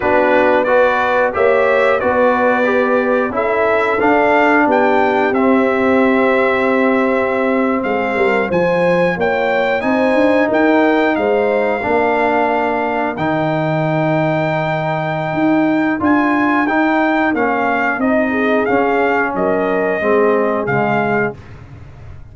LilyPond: <<
  \new Staff \with { instrumentName = "trumpet" } { \time 4/4 \tempo 4 = 90 b'4 d''4 e''4 d''4~ | d''4 e''4 f''4 g''4 | e''2.~ e''8. f''16~ | f''8. gis''4 g''4 gis''4 g''16~ |
g''8. f''2. g''16~ | g''1 | gis''4 g''4 f''4 dis''4 | f''4 dis''2 f''4 | }
  \new Staff \with { instrumentName = "horn" } { \time 4/4 fis'4 b'4 cis''4 b'4~ | b'4 a'2 g'4~ | g'2.~ g'8. gis'16~ | gis'16 ais'8 c''4 cis''4 c''4 ais'16~ |
ais'8. c''4 ais'2~ ais'16~ | ais'1~ | ais'2.~ ais'8 gis'8~ | gis'4 ais'4 gis'2 | }
  \new Staff \with { instrumentName = "trombone" } { \time 4/4 d'4 fis'4 g'4 fis'4 | g'4 e'4 d'2 | c'1~ | c'8. f'2 dis'4~ dis'16~ |
dis'4.~ dis'16 d'2 dis'16~ | dis'1 | f'4 dis'4 cis'4 dis'4 | cis'2 c'4 gis4 | }
  \new Staff \with { instrumentName = "tuba" } { \time 4/4 b2 ais4 b4~ | b4 cis'4 d'4 b4 | c'2.~ c'8. gis16~ | gis16 g8 f4 ais4 c'8 d'8 dis'16~ |
dis'8. gis4 ais2 dis16~ | dis2. dis'4 | d'4 dis'4 ais4 c'4 | cis'4 fis4 gis4 cis4 | }
>>